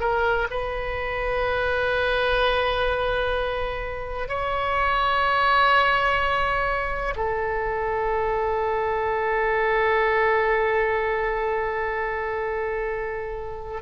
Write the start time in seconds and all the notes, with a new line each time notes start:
0.00 A#4
0.50 B4
4.29 C#5
7.16 A4